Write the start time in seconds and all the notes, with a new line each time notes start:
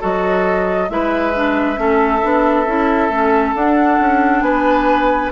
0.00 F#3 F#4 A4 D#5
0.89 G#3 E4 B4 E5
1.35 D4
1.76 A3 C#4 A4
2.22 B3 D4
2.67 C#4 E4
3.09 A3 C#4
3.55 D4 F#5
3.99 C#4
4.41 B3 B4 G#5